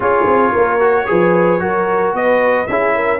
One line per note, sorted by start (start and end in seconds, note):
0.00 0.25 C#4
0.00 0.80 F4
0.00 0.51 G#4
0.00 2.15 C#5
0.26 0.52 C4
0.51 1.09 A#3
0.51 1.05 A#4
0.80 1.06 F#4
1.06 1.60 F3
1.06 1.59 G#4
1.06 1.61 B4
1.59 2.13 F#3
1.59 2.66 F#4
1.59 2.15 A#4
2.13 2.67 B3
2.13 2.68 B4
2.13 2.66 D#5
2.66 3.19 C#4
2.66 3.19 E4
2.66 2.95 G#4
2.66 3.19 E5
2.95 3.19 A#4